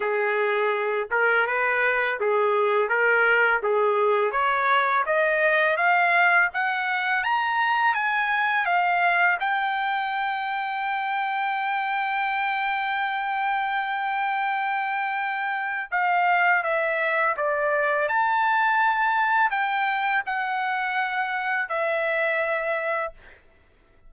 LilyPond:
\new Staff \with { instrumentName = "trumpet" } { \time 4/4 \tempo 4 = 83 gis'4. ais'8 b'4 gis'4 | ais'4 gis'4 cis''4 dis''4 | f''4 fis''4 ais''4 gis''4 | f''4 g''2.~ |
g''1~ | g''2 f''4 e''4 | d''4 a''2 g''4 | fis''2 e''2 | }